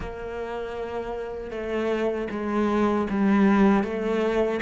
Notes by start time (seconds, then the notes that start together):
0.00 A#3
1.50 A3
2.30 G#3
3.09 G3
3.83 A3